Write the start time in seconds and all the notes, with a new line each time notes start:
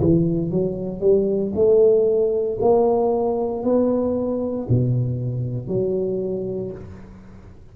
0.00 E3
0.51 F#3
1.00 G3
1.55 A3
2.61 A#3
3.63 B3
4.68 B2
5.68 F#3